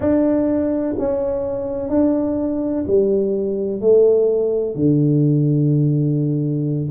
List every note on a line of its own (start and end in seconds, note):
0.00 0.95 D4
0.98 1.89 C#4
1.89 2.84 D4
2.87 3.81 G3
3.81 4.75 A3
4.75 6.89 D3